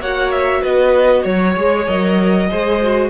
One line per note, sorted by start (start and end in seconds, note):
0.00 0.62 A#3
0.00 1.57 F#4
0.00 0.62 C#5
0.00 0.32 F#5
0.32 0.63 E5
0.62 1.25 B3
0.62 1.23 B4
0.62 1.25 D#5
1.23 1.56 F#3
1.23 2.48 C#5
1.23 1.87 C#5
1.57 1.88 G#3
1.57 1.88 G#4
1.87 2.51 F#3
1.87 2.50 A#4
1.87 3.10 D#5
2.50 3.10 G#3
2.50 2.81 G#4
2.50 3.10 C5
2.81 3.10 F#4